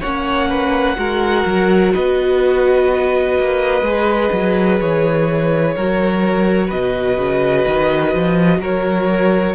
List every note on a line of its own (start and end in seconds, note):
0.00 0.97 A#3
0.00 0.96 C#4
0.00 0.48 C#5
0.00 1.91 F#5
0.49 0.96 B4
0.96 1.45 G#3
0.96 3.82 F#4
0.96 1.93 A#4
1.45 1.93 F#3
1.93 3.39 B3
1.93 5.74 B4
1.93 4.79 D#5
3.39 3.81 A#3
3.81 4.29 G#3
3.81 5.76 G#4
4.32 4.80 F#3
4.80 5.75 E3
4.80 6.70 C#5
5.75 6.72 F#3
5.75 9.54 F#4
5.75 6.67 A#4
6.67 7.17 B2
6.67 8.57 B4
6.67 8.61 D#5
7.17 7.65 C#3
7.67 8.14 D#3
8.14 8.59 F3
8.59 9.54 F#3
8.59 9.54 A#4
8.59 9.54 C#5